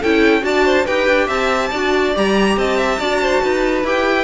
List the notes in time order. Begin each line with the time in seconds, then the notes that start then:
0.00 C#4 E4 A4 G5
0.41 D4 F#4 D5 A5
0.65 C5
0.85 D#4 G4 B4 G5
1.07 D4
1.27 C4 E5 A5
1.71 D4 F#4 D5
2.14 G3 G4 A#5
2.57 C4 D#5 A5
2.78 E5
2.99 D4 F#4 D5
3.21 C5
3.42 D#4 B4
3.84 E4 G4 G5